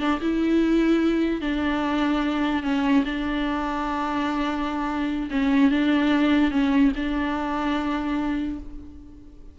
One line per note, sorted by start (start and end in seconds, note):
0.00 0.20 D4
0.21 1.41 E4
1.41 2.63 D4
2.63 3.04 C#4
3.05 5.29 D4
5.31 5.71 C#4
5.71 6.51 D4
6.51 6.92 C#4
6.96 8.59 D4